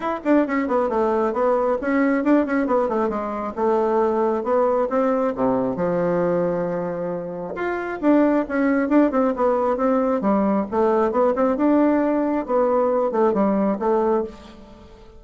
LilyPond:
\new Staff \with { instrumentName = "bassoon" } { \time 4/4 \tempo 4 = 135 e'8 d'8 cis'8 b8 a4 b4 | cis'4 d'8 cis'8 b8 a8 gis4 | a2 b4 c'4 | c4 f2.~ |
f4 f'4 d'4 cis'4 | d'8 c'8 b4 c'4 g4 | a4 b8 c'8 d'2 | b4. a8 g4 a4 | }